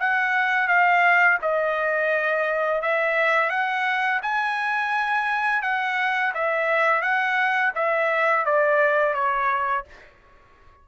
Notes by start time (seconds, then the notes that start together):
0.00 F#5
0.68 F5
1.42 D#5
2.82 E5
3.50 F#5
4.22 G#5
5.62 F#5
6.34 E5
7.02 F#5
7.75 E5
8.45 D5
9.14 C#5